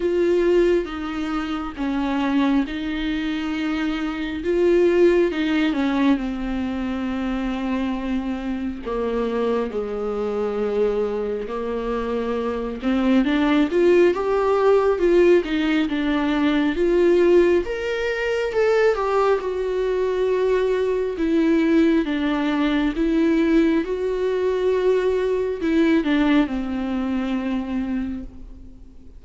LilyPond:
\new Staff \with { instrumentName = "viola" } { \time 4/4 \tempo 4 = 68 f'4 dis'4 cis'4 dis'4~ | dis'4 f'4 dis'8 cis'8 c'4~ | c'2 ais4 gis4~ | gis4 ais4. c'8 d'8 f'8 |
g'4 f'8 dis'8 d'4 f'4 | ais'4 a'8 g'8 fis'2 | e'4 d'4 e'4 fis'4~ | fis'4 e'8 d'8 c'2 | }